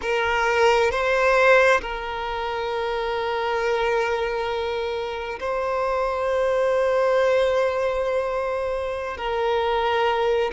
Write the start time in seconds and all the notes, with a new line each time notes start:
0.01 A#4
0.91 C5
1.81 A#4
5.39 C5
9.17 A#4